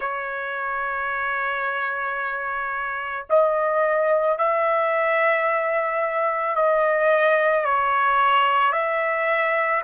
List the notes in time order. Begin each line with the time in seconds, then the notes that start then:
0.00 C#5
3.29 D#5
4.37 E5
6.55 D#5
7.65 C#5
8.72 E5